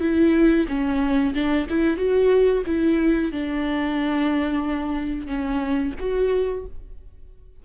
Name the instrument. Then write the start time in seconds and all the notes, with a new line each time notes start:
viola
0.00 E4
0.68 C#4
1.34 D4
1.69 E4
1.97 F#4
2.66 E4
3.31 D4
5.26 C#4
5.99 F#4